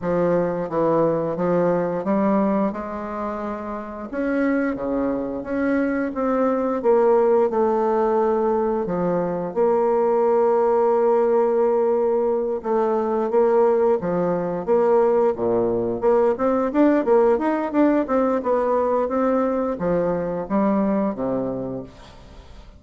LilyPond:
\new Staff \with { instrumentName = "bassoon" } { \time 4/4 \tempo 4 = 88 f4 e4 f4 g4 | gis2 cis'4 cis4 | cis'4 c'4 ais4 a4~ | a4 f4 ais2~ |
ais2~ ais8 a4 ais8~ | ais8 f4 ais4 ais,4 ais8 | c'8 d'8 ais8 dis'8 d'8 c'8 b4 | c'4 f4 g4 c4 | }